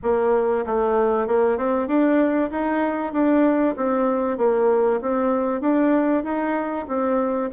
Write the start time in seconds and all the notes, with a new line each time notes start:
0.02 A#3
0.66 A3
1.27 A#3
1.57 C4
1.88 D4
2.50 D#4
3.12 D4
3.76 C4
4.38 A#3
5.01 C4
5.61 D4
6.23 D#4
6.88 C4